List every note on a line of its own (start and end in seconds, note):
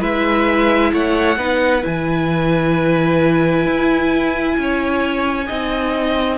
0.00 0.92 G#3
0.00 1.36 E4
0.00 0.91 B4
0.00 0.93 E5
0.93 1.37 A3
0.93 1.38 C#5
0.93 1.85 F#5
1.37 1.83 B3
1.37 1.82 D#4
1.37 4.56 B4
1.82 3.66 E3
1.82 5.45 E4
1.82 6.38 G#5
3.66 4.57 E4
4.58 5.49 C#4
4.58 5.47 C#5
5.47 6.38 C4
5.47 6.38 D#4
5.47 6.38 D#5